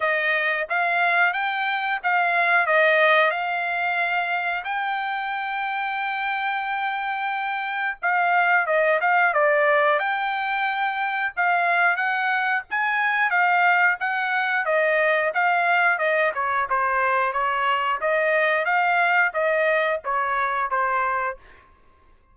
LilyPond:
\new Staff \with { instrumentName = "trumpet" } { \time 4/4 \tempo 4 = 90 dis''4 f''4 g''4 f''4 | dis''4 f''2 g''4~ | g''1 | f''4 dis''8 f''8 d''4 g''4~ |
g''4 f''4 fis''4 gis''4 | f''4 fis''4 dis''4 f''4 | dis''8 cis''8 c''4 cis''4 dis''4 | f''4 dis''4 cis''4 c''4 | }